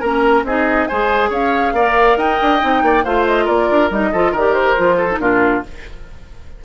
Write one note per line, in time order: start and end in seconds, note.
0.00 0.44 A#3
0.00 0.46 C#4
0.00 0.43 A#4
0.00 0.45 A#5
0.44 0.87 C4
0.44 0.90 D#4
0.44 0.89 G#4
0.44 0.87 D#5
0.87 1.30 G#3
0.87 1.76 G#4
0.87 1.30 C5
0.87 1.30 G#5
1.30 1.73 C#4
1.30 1.73 C#5
1.30 2.18 F5
1.73 2.16 A#3
1.73 2.60 A#4
1.73 2.18 D5
2.17 2.38 D#4
2.17 2.83 D#5
2.17 3.04 G5
2.42 2.63 D4
2.60 2.82 C4
2.60 3.03 D#4
2.82 3.04 A#3
2.82 3.04 D5
3.04 3.48 A3
3.04 3.91 F4
3.04 3.45 C5
3.04 3.26 F5
3.26 3.47 D#5
3.45 3.70 A#3
3.45 4.09 A#4
3.45 3.90 D5
3.71 3.90 D4
3.90 4.12 G3
3.90 4.13 D#4
3.90 4.34 D#5
4.12 4.31 F3
4.12 4.36 F4
4.12 4.31 A4
4.31 4.75 D#3
4.31 4.96 A#4
4.31 4.54 D5
4.38 4.77 G4
4.54 5.19 C5
4.77 5.19 F3
4.77 5.09 F4
4.97 5.19 A4
5.11 5.21 D#4
5.19 5.62 A#2
5.19 5.64 D4
5.19 5.64 F4
5.19 5.63 A#4